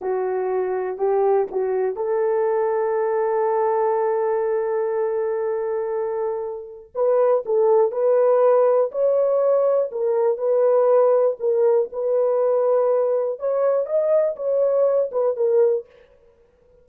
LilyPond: \new Staff \with { instrumentName = "horn" } { \time 4/4 \tempo 4 = 121 fis'2 g'4 fis'4 | a'1~ | a'1~ | a'2 b'4 a'4 |
b'2 cis''2 | ais'4 b'2 ais'4 | b'2. cis''4 | dis''4 cis''4. b'8 ais'4 | }